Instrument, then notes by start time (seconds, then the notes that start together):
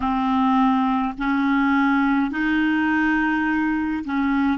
clarinet
0.00 C4
1.18 C#4
2.31 D#4
4.04 C#4